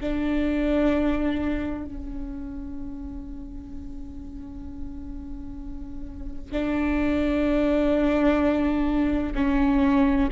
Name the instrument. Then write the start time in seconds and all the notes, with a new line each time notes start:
viola
0.00 D4
1.85 C#4
6.51 D4
9.35 C#4